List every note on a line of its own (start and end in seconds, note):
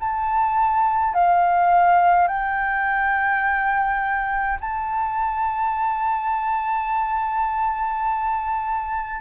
0.00 1.14 A5
1.14 2.28 F5
2.28 4.58 G5
4.60 9.20 A5